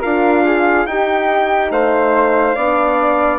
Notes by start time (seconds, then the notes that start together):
0.00 D4 F4 A#4 F5
0.44 G#4
0.86 D#4 G4 G5
1.71 A3 C5 F5
2.55 B3 D4 D5